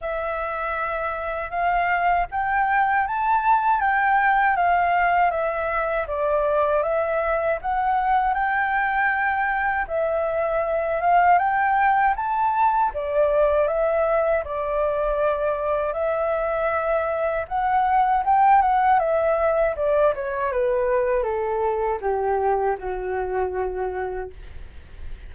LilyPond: \new Staff \with { instrumentName = "flute" } { \time 4/4 \tempo 4 = 79 e''2 f''4 g''4 | a''4 g''4 f''4 e''4 | d''4 e''4 fis''4 g''4~ | g''4 e''4. f''8 g''4 |
a''4 d''4 e''4 d''4~ | d''4 e''2 fis''4 | g''8 fis''8 e''4 d''8 cis''8 b'4 | a'4 g'4 fis'2 | }